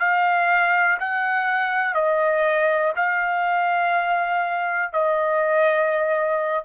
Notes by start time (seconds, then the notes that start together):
0.00 F5
1.00 F#5
1.94 D#5
2.96 F5
4.93 D#5